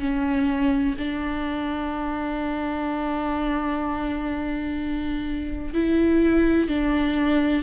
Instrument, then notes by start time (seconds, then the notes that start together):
viola
0.00 C#4
0.98 D4
5.74 E4
6.68 D4